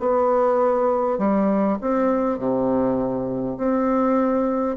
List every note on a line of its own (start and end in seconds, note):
0.00 1.18 B3
1.18 1.78 G3
1.81 2.39 C4
2.39 3.58 C3
3.58 4.78 C4